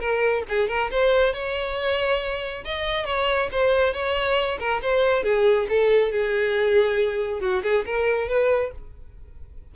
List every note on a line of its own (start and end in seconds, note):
0.00 0.43 A#4
0.49 0.69 G#4
0.69 0.90 A#4
0.91 1.34 C5
1.34 2.64 C#5
2.65 3.06 D#5
3.06 3.49 C#5
3.52 3.94 C5
3.94 4.59 C#5
4.59 4.81 A#4
4.82 5.24 C5
5.24 5.67 G#4
5.69 6.12 A4
6.12 7.41 G#4
7.41 7.63 F#4
7.63 7.85 G#4
7.86 8.28 A#4
8.28 8.72 B4